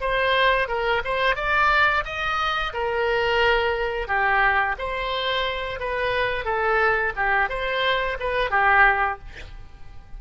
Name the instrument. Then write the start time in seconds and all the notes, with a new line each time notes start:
oboe
0.00 C5
0.68 A#4
1.04 C5
1.35 D5
2.04 D#5
2.73 A#4
4.07 G4
4.78 C5
5.79 B4
6.44 A4
7.16 G4
7.49 C5
8.19 B4
8.50 G4